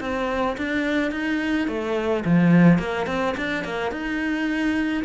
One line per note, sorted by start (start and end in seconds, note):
0.00 0.56 C4
0.57 1.11 D4
1.11 1.67 D#4
1.67 2.24 A3
2.25 2.78 F3
2.78 3.06 A#3
3.07 3.35 C4
3.37 3.64 D4
3.64 3.91 A#3
3.91 5.03 D#4